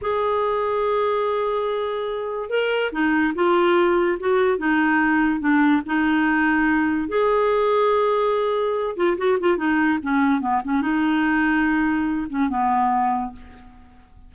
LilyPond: \new Staff \with { instrumentName = "clarinet" } { \time 4/4 \tempo 4 = 144 gis'1~ | gis'2 ais'4 dis'4 | f'2 fis'4 dis'4~ | dis'4 d'4 dis'2~ |
dis'4 gis'2.~ | gis'4. f'8 fis'8 f'8 dis'4 | cis'4 b8 cis'8 dis'2~ | dis'4. cis'8 b2 | }